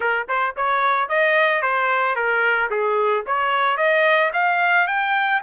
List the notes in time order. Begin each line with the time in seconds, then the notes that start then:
0.00 A#4
0.28 C5
0.56 C#5
1.08 D#5
1.61 C5
2.15 A#4
2.70 G#4
3.26 C#5
3.77 D#5
4.33 F5
4.87 G5